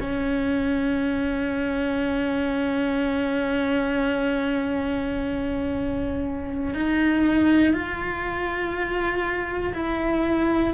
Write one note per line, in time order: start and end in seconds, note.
0.00 6.75 C#4
6.75 7.73 D#4
7.73 9.73 F4
9.74 10.74 E4